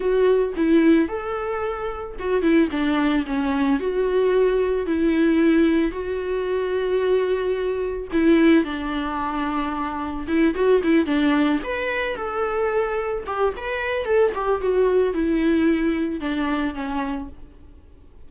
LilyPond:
\new Staff \with { instrumentName = "viola" } { \time 4/4 \tempo 4 = 111 fis'4 e'4 a'2 | fis'8 e'8 d'4 cis'4 fis'4~ | fis'4 e'2 fis'4~ | fis'2. e'4 |
d'2. e'8 fis'8 | e'8 d'4 b'4 a'4.~ | a'8 g'8 b'4 a'8 g'8 fis'4 | e'2 d'4 cis'4 | }